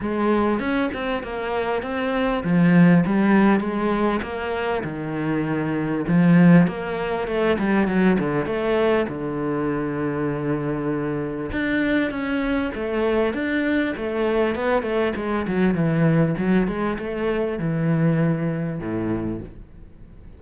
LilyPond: \new Staff \with { instrumentName = "cello" } { \time 4/4 \tempo 4 = 99 gis4 cis'8 c'8 ais4 c'4 | f4 g4 gis4 ais4 | dis2 f4 ais4 | a8 g8 fis8 d8 a4 d4~ |
d2. d'4 | cis'4 a4 d'4 a4 | b8 a8 gis8 fis8 e4 fis8 gis8 | a4 e2 a,4 | }